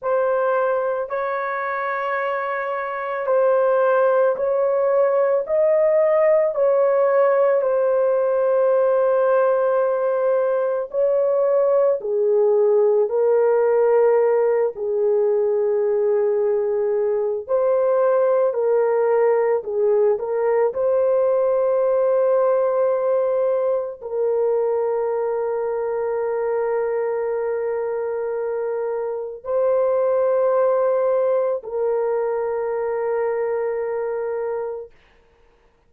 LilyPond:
\new Staff \with { instrumentName = "horn" } { \time 4/4 \tempo 4 = 55 c''4 cis''2 c''4 | cis''4 dis''4 cis''4 c''4~ | c''2 cis''4 gis'4 | ais'4. gis'2~ gis'8 |
c''4 ais'4 gis'8 ais'8 c''4~ | c''2 ais'2~ | ais'2. c''4~ | c''4 ais'2. | }